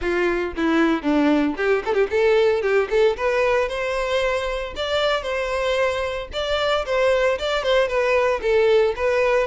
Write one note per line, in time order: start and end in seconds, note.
0.01 0.53 F4
0.56 1.02 E4
1.02 1.55 D4
1.56 1.83 G4
1.85 1.94 A4
1.94 2.07 G4
2.10 2.62 A4
2.62 2.88 G4
2.90 3.16 A4
3.17 3.68 B4
3.68 4.74 C5
4.75 5.22 D5
5.22 6.28 C5
6.32 6.85 D5
6.85 7.38 C5
7.38 7.63 D5
7.63 7.88 C5
7.88 8.40 B4
8.41 8.94 A4
8.96 9.47 B4